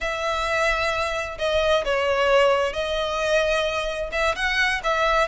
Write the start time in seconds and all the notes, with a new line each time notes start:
0.00 E5
1.38 D#5
1.84 C#5
2.73 D#5
4.12 E5
4.35 F#5
4.83 E5